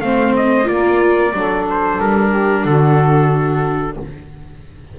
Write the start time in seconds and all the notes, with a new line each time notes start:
0.00 A3 C4 C5 F5
0.36 D#5
0.64 A#3 F4 A#4 D5
1.32 F#3 D4 A4
1.69 C5
1.99 G3 A#4
2.28 G4
2.64 D3 F#4 A4